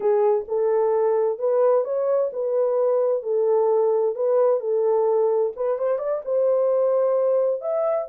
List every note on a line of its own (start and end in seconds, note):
0.00 0.45 G#4
0.47 1.38 A4
1.38 1.84 B4
1.84 2.30 C#5
2.33 3.22 B4
3.22 4.15 A4
4.15 4.60 B4
4.60 5.52 A4
5.56 5.78 B4
5.78 5.98 C5
5.98 6.21 D5
6.24 7.61 C5
7.61 8.07 E5